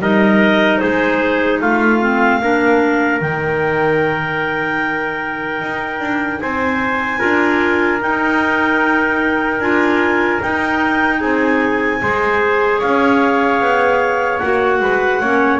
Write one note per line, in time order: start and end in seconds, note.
0.00 0.80 G3
0.00 2.01 D#4
0.00 0.81 A#4
0.00 0.79 D#5
0.79 1.62 G#3
0.79 1.61 G#4
0.79 1.59 C5
1.61 2.42 A3
1.61 2.42 F4
1.61 3.21 F5
2.01 2.41 C4
2.42 3.22 A#3
2.42 3.22 D4
2.42 6.42 A#4
3.21 5.62 D#3
3.21 7.20 D#4
3.21 6.41 G5
5.62 6.00 D#4
6.00 6.40 D4
6.41 7.22 C4
6.41 7.19 C5
6.41 8.01 G#5
7.19 8.03 D4
7.19 8.00 F4
7.19 11.19 A#4
8.01 9.61 D#4
8.01 9.60 D#4
8.01 9.61 G5
9.60 10.40 D4
9.60 10.41 F4
9.60 10.41 G#5
10.42 12.02 D#4
10.42 11.22 D#4
10.42 11.21 G5
11.21 12.02 C4
11.21 12.01 G#4
11.21 12.81 G#5
12.02 12.83 G#3
12.02 14.42 G#4
12.02 12.80 C5
12.80 13.61 C#4
12.80 14.80 C#5
12.80 14.39 F5
13.61 14.41 B3
14.39 14.81 A#3
14.39 15.23 F#4
14.39 15.59 F#5
14.81 15.21 G#3
14.81 15.21 B4
15.21 15.60 A#3
15.21 15.60 C#4
15.21 15.60 C#5